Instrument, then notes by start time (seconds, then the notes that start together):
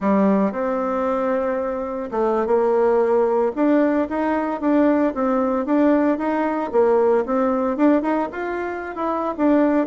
bassoon
0.00 G3
0.51 C4
2.11 A3
2.46 A#3
3.55 D4
4.09 D#4
4.61 D4
5.14 C4
5.65 D4
6.17 D#4
6.72 A#3
7.25 C4
7.76 D4
8.02 D#4
8.32 F4
8.95 E4
9.37 D4